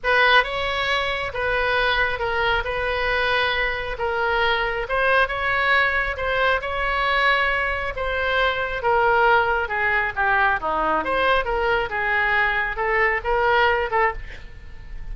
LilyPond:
\new Staff \with { instrumentName = "oboe" } { \time 4/4 \tempo 4 = 136 b'4 cis''2 b'4~ | b'4 ais'4 b'2~ | b'4 ais'2 c''4 | cis''2 c''4 cis''4~ |
cis''2 c''2 | ais'2 gis'4 g'4 | dis'4 c''4 ais'4 gis'4~ | gis'4 a'4 ais'4. a'8 | }